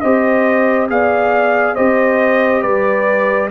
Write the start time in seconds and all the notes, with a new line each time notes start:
0.00 C4 G4 C5 D#5
0.89 B3 G#4 D5 F5
1.75 C4 G4 C5 D#5
2.62 G3 B4 D5